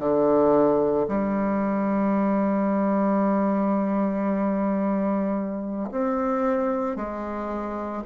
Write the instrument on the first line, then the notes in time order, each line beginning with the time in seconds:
bassoon
0.00 D3
1.09 G3
5.92 C4
6.96 G#3